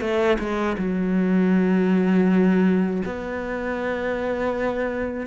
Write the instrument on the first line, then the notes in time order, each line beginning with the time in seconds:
cello
0.00 A3
0.39 G#3
0.77 F#3
3.05 B3